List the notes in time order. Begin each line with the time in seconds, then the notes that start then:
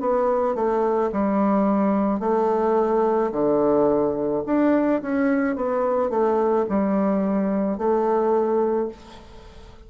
0.00 B3
0.55 A3
1.12 G3
2.20 A3
3.32 D3
4.46 D4
5.02 C#4
5.56 B3
6.10 A3
6.69 G3
7.78 A3